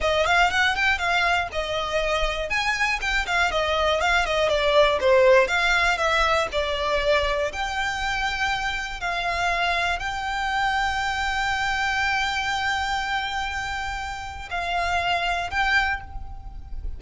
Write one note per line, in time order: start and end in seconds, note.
0.00 0.25 D#5
0.26 0.50 F5
0.50 0.75 F#5
0.75 0.98 G5
0.98 1.48 F5
1.52 2.49 D#5
2.49 2.99 G#5
3.01 3.26 G5
3.26 3.51 F5
3.51 4.00 D#5
4.00 4.25 F5
4.25 4.49 D#5
4.49 4.99 D5
5.00 5.47 C5
5.47 5.97 F5
5.97 6.47 E5
6.52 7.52 D5
7.52 9.00 G5
9.00 9.99 F5
9.99 14.49 G5
14.50 15.50 F5
15.50 16.00 G5